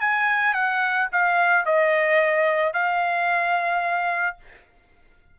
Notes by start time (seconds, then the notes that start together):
0.00 G#5
0.54 F#5
1.12 F5
1.65 D#5
2.73 F5